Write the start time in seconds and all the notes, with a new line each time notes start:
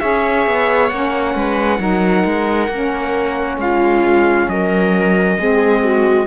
0.00 C#4 G#4 C#5 E5
0.46 B3
0.89 A#3 C#4 F#5
1.35 G#3 B4
1.79 F#3 D#4 A#4
2.25 G#3
2.68 A#3 C#4
3.57 G#3 F4 F5
4.48 F#3 A#4 D#5
5.38 G#3 C4 G#4
5.83 F#4